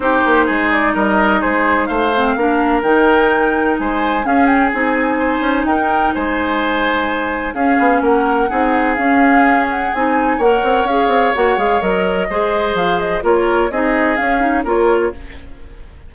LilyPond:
<<
  \new Staff \with { instrumentName = "flute" } { \time 4/4 \tempo 4 = 127 c''4. d''8 dis''4 c''4 | f''2 g''2 | gis''4 f''8 g''8 gis''2 | g''4 gis''2. |
f''4 fis''2 f''4~ | f''8 fis''8 gis''4 fis''4 f''4 | fis''8 f''8 dis''2 f''8 dis''8 | cis''4 dis''4 f''4 cis''4 | }
  \new Staff \with { instrumentName = "oboe" } { \time 4/4 g'4 gis'4 ais'4 gis'4 | c''4 ais'2. | c''4 gis'2 c''4 | ais'4 c''2. |
gis'4 ais'4 gis'2~ | gis'2 cis''2~ | cis''2 c''2 | ais'4 gis'2 ais'4 | }
  \new Staff \with { instrumentName = "clarinet" } { \time 4/4 dis'1~ | dis'8 c'8 d'4 dis'2~ | dis'4 cis'4 dis'2~ | dis'1 |
cis'2 dis'4 cis'4~ | cis'4 dis'4 ais'4 gis'4 | fis'8 gis'8 ais'4 gis'2 | f'4 dis'4 cis'8 dis'8 f'4 | }
  \new Staff \with { instrumentName = "bassoon" } { \time 4/4 c'8 ais8 gis4 g4 gis4 | a4 ais4 dis2 | gis4 cis'4 c'4. cis'8 | dis'4 gis2. |
cis'8 b8 ais4 c'4 cis'4~ | cis'4 c'4 ais8 c'8 cis'8 c'8 | ais8 gis8 fis4 gis4 f4 | ais4 c'4 cis'4 ais4 | }
>>